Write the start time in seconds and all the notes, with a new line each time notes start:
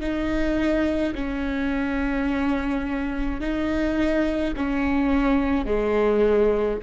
0.00 D#4
1.15 C#4
3.40 D#4
4.56 C#4
5.66 G#3